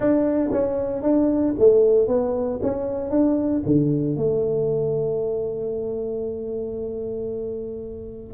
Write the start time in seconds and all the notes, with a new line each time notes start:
0.00 D4
0.51 C#4
1.02 D4
1.58 A3
2.07 B3
2.62 C#4
3.10 D4
3.65 D3
4.16 A3